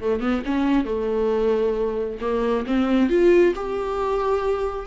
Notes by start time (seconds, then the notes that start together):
0.00 A3
0.20 B3
0.45 C#4
0.85 A3
2.21 A#3
2.66 C4
3.09 F4
3.55 G4